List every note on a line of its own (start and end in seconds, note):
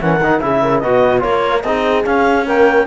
0.00 0.20 E3
0.00 0.21 C#4
0.00 0.43 A#4
0.00 0.40 F#5
0.20 0.41 D#3
0.20 0.41 D#4
0.40 0.83 C#3
0.40 0.83 E4
0.40 0.62 G#4
0.40 0.79 E5
0.62 0.81 A#4
0.79 1.24 B2
0.79 1.20 F#4
0.79 1.22 B4
0.79 1.20 D#5
1.20 1.64 A#3
1.20 1.61 F4
1.20 1.63 A#4
1.20 1.62 C#5
1.62 2.05 C4
1.62 2.05 D#4
1.62 2.47 G#4
1.62 2.03 D#5
2.05 2.46 C#4
2.05 2.86 C#4
2.05 2.46 F5
2.46 2.86 A#3
2.46 2.86 A#4
2.46 2.86 G5